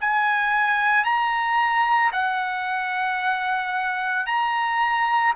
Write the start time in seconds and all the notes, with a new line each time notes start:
0.00 G#5
1.04 A#5
2.12 F#5
4.26 A#5